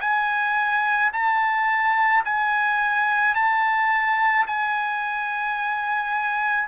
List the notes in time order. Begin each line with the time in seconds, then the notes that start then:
0.00 G#5
1.13 A5
2.24 G#5
3.34 A5
4.46 G#5